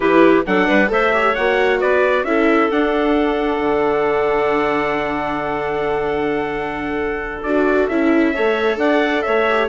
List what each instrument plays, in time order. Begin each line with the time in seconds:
0.00 bassoon E3, viola E4, clarinet G4, trumpet B4
0.46 bassoon F#3, viola D4, clarinet A4, trumpet F#5
0.67 bassoon G3, clarinet B4
0.87 bassoon A3, viola A4, clarinet C5, trumpet E5
1.13 viola G4, clarinet C#5
1.34 bassoon A#3, viola F#4, trumpet F#5
1.79 bassoon B3, clarinet B4, trumpet D5
2.23 bassoon C#4, viola E4, clarinet A4, trumpet E5
2.71 viola D4, bassoon D4, trumpet F#5
3.58 bassoon D3
7.42 bassoon D4, viola F#4, trumpet D5
7.87 bassoon C#4, viola E4, trumpet E5
8.33 bassoon A3, viola A4, clarinet C#5
8.77 bassoon D4, clarinet D5, trumpet F#5
9.22 bassoon A3, clarinet C#5, trumpet E5
9.49 viola G4